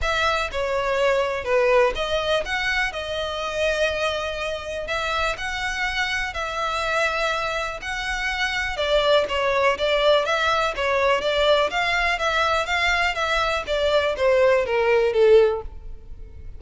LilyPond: \new Staff \with { instrumentName = "violin" } { \time 4/4 \tempo 4 = 123 e''4 cis''2 b'4 | dis''4 fis''4 dis''2~ | dis''2 e''4 fis''4~ | fis''4 e''2. |
fis''2 d''4 cis''4 | d''4 e''4 cis''4 d''4 | f''4 e''4 f''4 e''4 | d''4 c''4 ais'4 a'4 | }